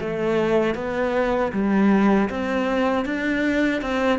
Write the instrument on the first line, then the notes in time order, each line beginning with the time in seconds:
cello
0.00 A3
0.74 B3
1.52 G3
2.29 C4
3.05 D4
3.81 C4